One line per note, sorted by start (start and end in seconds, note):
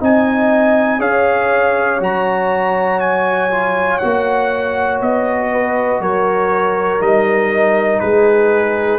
0.00 1.00 C4
0.00 0.99 D#4
0.00 0.99 D#5
0.00 1.01 G#5
0.99 2.00 C#4
0.99 1.99 G#4
0.99 5.49 C#5
0.99 2.01 F5
2.00 4.00 F#3
2.00 3.50 F#4
2.00 3.00 A#5
3.00 3.99 G#5
3.51 4.01 F4
3.99 5.01 A#3
3.99 7.00 F#4
3.99 4.99 F#5
5.01 6.00 B3
5.01 6.02 D#5
5.52 6.02 B4
6.00 7.00 F#3
6.00 8.01 A#4
6.00 7.02 C#5
7.00 8.01 G3
7.00 8.99 D#4
7.00 8.00 D#5
8.00 8.99 G#3
8.00 8.99 G#4
8.00 8.99 B4